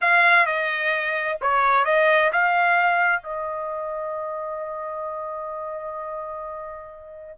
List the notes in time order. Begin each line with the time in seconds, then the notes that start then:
0.01 F5
0.46 D#5
1.41 C#5
1.85 D#5
2.32 F5
3.22 D#5